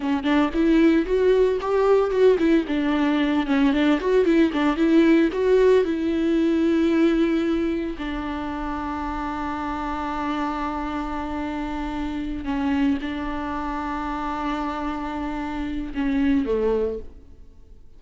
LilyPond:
\new Staff \with { instrumentName = "viola" } { \time 4/4 \tempo 4 = 113 cis'8 d'8 e'4 fis'4 g'4 | fis'8 e'8 d'4. cis'8 d'8 fis'8 | e'8 d'8 e'4 fis'4 e'4~ | e'2. d'4~ |
d'1~ | d'2.~ d'8 cis'8~ | cis'8 d'2.~ d'8~ | d'2 cis'4 a4 | }